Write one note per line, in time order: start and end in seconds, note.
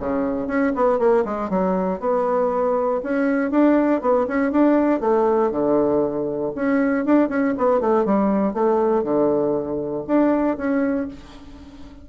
0.00 0.47 C#3
0.47 0.73 C#4
0.75 0.99 B3
0.99 1.24 A#3
1.25 1.50 G#3
1.50 2.00 F#3
2.01 3.01 B3
3.03 3.51 C#4
3.51 4.02 D4
4.02 4.27 B3
4.28 4.52 C#4
4.52 5.01 D4
5.01 5.51 A3
5.51 6.52 D3
6.56 7.05 C#4
7.05 7.29 D4
7.29 7.54 C#4
7.58 7.81 B3
7.81 8.05 A3
8.05 8.54 G3
8.54 9.04 A3
9.04 10.05 D3
10.07 10.57 D4
10.57 11.08 C#4